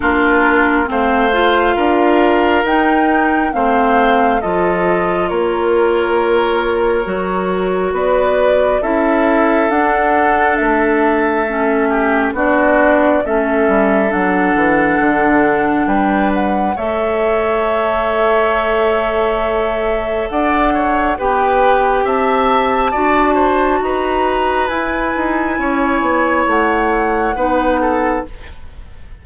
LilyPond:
<<
  \new Staff \with { instrumentName = "flute" } { \time 4/4 \tempo 4 = 68 ais'4 f''2 g''4 | f''4 dis''4 cis''2~ | cis''4 d''4 e''4 fis''4 | e''2 d''4 e''4 |
fis''2 g''8 fis''8 e''4~ | e''2. fis''4 | g''4 a''2 ais''4 | gis''2 fis''2 | }
  \new Staff \with { instrumentName = "oboe" } { \time 4/4 f'4 c''4 ais'2 | c''4 a'4 ais'2~ | ais'4 b'4 a'2~ | a'4. g'8 fis'4 a'4~ |
a'2 b'4 cis''4~ | cis''2. d''8 cis''8 | b'4 e''4 d''8 c''8 b'4~ | b'4 cis''2 b'8 a'8 | }
  \new Staff \with { instrumentName = "clarinet" } { \time 4/4 d'4 c'8 f'4. dis'4 | c'4 f'2. | fis'2 e'4 d'4~ | d'4 cis'4 d'4 cis'4 |
d'2. a'4~ | a'1 | g'2 fis'2 | e'2. dis'4 | }
  \new Staff \with { instrumentName = "bassoon" } { \time 4/4 ais4 a4 d'4 dis'4 | a4 f4 ais2 | fis4 b4 cis'4 d'4 | a2 b4 a8 g8 |
fis8 e8 d4 g4 a4~ | a2. d'4 | b4 c'4 d'4 dis'4 | e'8 dis'8 cis'8 b8 a4 b4 | }
>>